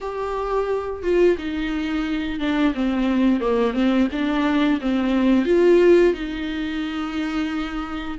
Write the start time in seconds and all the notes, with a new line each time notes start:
0.00 G4
1.02 F4
1.38 D#4
2.39 D4
2.74 C4
3.40 A#3
3.73 C4
4.12 D4
4.81 C4
5.45 F4
6.13 D#4